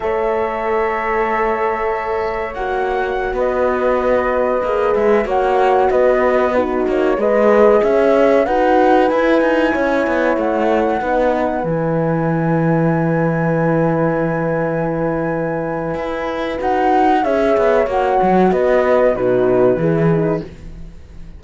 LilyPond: <<
  \new Staff \with { instrumentName = "flute" } { \time 4/4 \tempo 4 = 94 e''1 | fis''4~ fis''16 dis''2~ dis''8 e''16~ | e''16 fis''4 dis''4 b'8 cis''8 dis''8.~ | dis''16 e''4 fis''4 gis''4.~ gis''16~ |
gis''16 fis''2 gis''4.~ gis''16~ | gis''1~ | gis''2 fis''4 e''4 | fis''4 dis''4 b'2 | }
  \new Staff \with { instrumentName = "horn" } { \time 4/4 cis''1~ | cis''4~ cis''16 b'2~ b'8.~ | b'16 cis''4 b'4 fis'4 b'8.~ | b'16 cis''4 b'2 cis''8.~ |
cis''4~ cis''16 b'2~ b'8.~ | b'1~ | b'2. cis''4~ | cis''4 b'4 fis'4 gis'4 | }
  \new Staff \with { instrumentName = "horn" } { \time 4/4 a'1 | fis'2.~ fis'16 gis'8.~ | gis'16 fis'2 dis'4 gis'8.~ | gis'4~ gis'16 fis'4 e'4.~ e'16~ |
e'4~ e'16 dis'4 e'4.~ e'16~ | e'1~ | e'2 fis'4 gis'4 | fis'2 dis'4 e'8 dis'8 | }
  \new Staff \with { instrumentName = "cello" } { \time 4/4 a1 | ais4~ ais16 b2 ais8 gis16~ | gis16 ais4 b4. ais8 gis8.~ | gis16 cis'4 dis'4 e'8 dis'8 cis'8 b16~ |
b16 a4 b4 e4.~ e16~ | e1~ | e4 e'4 dis'4 cis'8 b8 | ais8 fis8 b4 b,4 e4 | }
>>